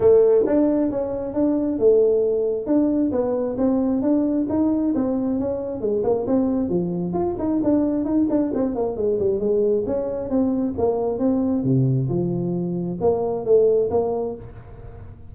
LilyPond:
\new Staff \with { instrumentName = "tuba" } { \time 4/4 \tempo 4 = 134 a4 d'4 cis'4 d'4 | a2 d'4 b4 | c'4 d'4 dis'4 c'4 | cis'4 gis8 ais8 c'4 f4 |
f'8 dis'8 d'4 dis'8 d'8 c'8 ais8 | gis8 g8 gis4 cis'4 c'4 | ais4 c'4 c4 f4~ | f4 ais4 a4 ais4 | }